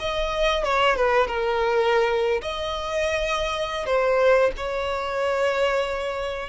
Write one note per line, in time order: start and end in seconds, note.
0.00 0.64 D#5
0.64 0.97 C#5
0.97 1.27 B4
1.27 2.42 A#4
2.42 3.86 D#5
3.86 4.51 C5
4.57 6.50 C#5